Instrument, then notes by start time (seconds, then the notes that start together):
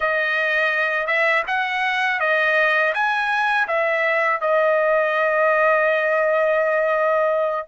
trumpet
0.00 D#5
1.06 E5
1.47 F#5
2.20 D#5
2.94 G#5
3.68 E5
4.41 D#5